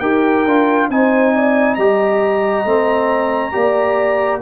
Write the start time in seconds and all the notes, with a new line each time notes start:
0.00 D#4 G4 A#4 G5
0.46 D4 F4
0.89 C4 D#4 C5 G#5
1.35 D5
1.75 G3 G4 D#5 A#5
2.65 A3 C4
3.52 A#3 G4 D5